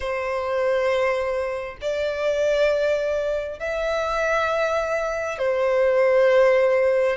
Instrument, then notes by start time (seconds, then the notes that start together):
violin
0.00 C5
1.81 D5
3.59 E5
5.38 C5